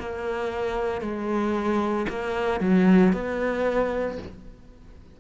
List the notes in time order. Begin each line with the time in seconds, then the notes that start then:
0.00 A#3
1.01 G#3
2.10 A#3
2.61 F#3
3.13 B3